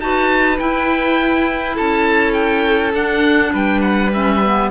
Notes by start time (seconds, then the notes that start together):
0.00 D#4 F#4 B4 A5
0.58 E4 G5
1.75 C#4 A4 A5
2.33 G5
2.94 D4 F#5
3.52 G3 B4 G5
3.81 F#5
4.13 C#4 E5
4.44 B3